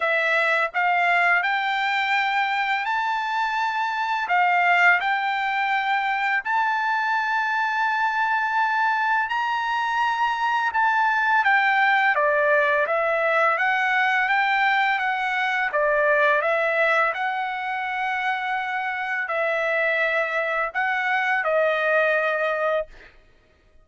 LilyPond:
\new Staff \with { instrumentName = "trumpet" } { \time 4/4 \tempo 4 = 84 e''4 f''4 g''2 | a''2 f''4 g''4~ | g''4 a''2.~ | a''4 ais''2 a''4 |
g''4 d''4 e''4 fis''4 | g''4 fis''4 d''4 e''4 | fis''2. e''4~ | e''4 fis''4 dis''2 | }